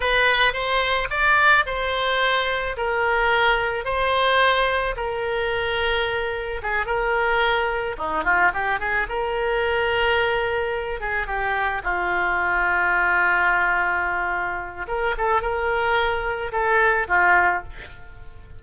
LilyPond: \new Staff \with { instrumentName = "oboe" } { \time 4/4 \tempo 4 = 109 b'4 c''4 d''4 c''4~ | c''4 ais'2 c''4~ | c''4 ais'2. | gis'8 ais'2 dis'8 f'8 g'8 |
gis'8 ais'2.~ ais'8 | gis'8 g'4 f'2~ f'8~ | f'2. ais'8 a'8 | ais'2 a'4 f'4 | }